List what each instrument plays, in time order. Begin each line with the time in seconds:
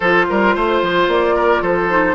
0.00 bassoon F3, clarinet F4, oboe A4, flute C5
0.29 bassoon G3, oboe A#4
0.55 bassoon A3, oboe C5
0.82 bassoon F3
1.07 bassoon A#3, flute D5
1.35 oboe A#4
1.61 bassoon F3, oboe A4, flute C5
1.90 clarinet D#4